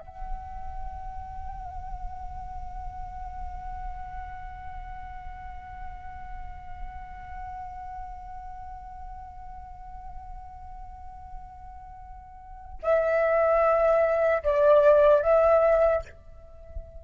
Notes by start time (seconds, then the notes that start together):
0.00 F#5
12.83 E5
14.43 D5
15.23 E5